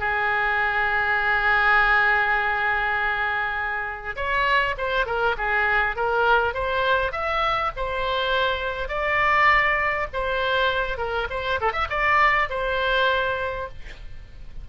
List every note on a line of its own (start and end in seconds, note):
0.00 4.16 G#4
4.16 4.76 C#5
4.78 5.06 C5
5.06 5.36 A#4
5.38 5.96 G#4
5.96 6.55 A#4
6.55 7.12 C5
7.12 7.72 E5
7.77 8.89 C5
8.89 10.08 D5
10.13 10.98 C5
10.98 11.28 A#4
11.30 11.60 C5
11.61 11.73 A4
11.73 11.88 E5
11.90 12.49 D5
12.50 13.69 C5